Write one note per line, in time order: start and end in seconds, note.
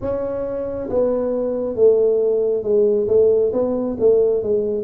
0.01 0.89 C#4
0.89 1.75 B3
1.75 2.63 A3
2.63 3.07 G#3
3.07 3.51 A3
3.53 3.97 B3
3.99 4.42 A3
4.42 4.83 G#3